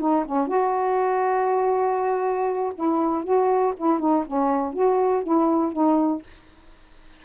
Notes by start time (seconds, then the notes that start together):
0.00 D#4
0.26 C#4
0.48 F#4
2.75 E4
3.24 F#4
3.77 E4
4.00 D#4
4.27 C#4
4.74 F#4
5.23 E4
5.73 D#4